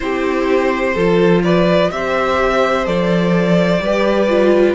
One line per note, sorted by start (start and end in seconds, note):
0.00 0.95 C4
0.00 0.95 E4
0.00 0.94 G4
0.00 1.42 C5
0.94 1.90 F3
0.94 1.91 F4
0.94 1.41 A4
1.43 1.91 B4
1.43 1.91 D5
1.91 2.87 C4
1.91 2.84 G4
1.91 3.82 C5
1.91 2.86 E5
2.84 3.80 F3
2.84 3.80 A4
2.84 4.74 D5
3.80 4.74 G3
3.80 4.28 G4
3.80 4.74 B4
4.28 4.74 F4